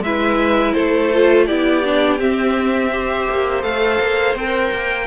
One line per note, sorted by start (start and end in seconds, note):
0.00 0.72 G#3
0.00 1.13 E4
0.00 0.74 B4
0.00 0.73 E5
0.73 1.49 A3
0.73 1.46 A4
0.73 1.45 C5
1.13 1.48 F4
1.46 2.19 B3
1.46 1.84 E4
1.46 2.91 G4
1.46 2.18 D5
1.84 2.19 D4
2.19 2.91 C4
2.19 3.28 C4
2.19 3.62 E5
2.92 3.62 G4
2.92 5.07 C5
3.29 3.63 A#3
3.62 3.99 A3
3.62 4.35 A4
3.62 4.35 F5
4.00 4.35 A#3
4.35 4.71 C4
4.35 5.07 A#4
4.35 5.07 G5
4.72 5.07 A#3